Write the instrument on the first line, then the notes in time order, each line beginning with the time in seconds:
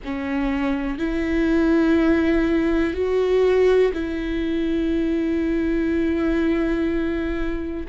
viola
0.04 C#4
0.98 E4
2.93 F#4
3.93 E4